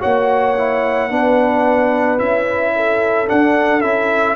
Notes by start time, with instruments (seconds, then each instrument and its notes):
0.00 tuba A#3, trombone F#4, horn C#5, trumpet F#5
0.57 trombone E4
1.10 tuba B3, trombone D4, horn B4
2.18 tuba C#4, trombone E4, trumpet E5
2.75 horn A4
3.26 trombone D4, tuba D4, trumpet F#5
3.81 tuba C#4, trombone E4, trumpet E5